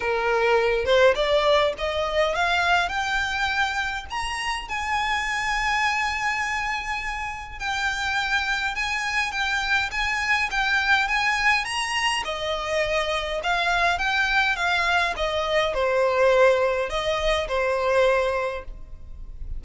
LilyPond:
\new Staff \with { instrumentName = "violin" } { \time 4/4 \tempo 4 = 103 ais'4. c''8 d''4 dis''4 | f''4 g''2 ais''4 | gis''1~ | gis''4 g''2 gis''4 |
g''4 gis''4 g''4 gis''4 | ais''4 dis''2 f''4 | g''4 f''4 dis''4 c''4~ | c''4 dis''4 c''2 | }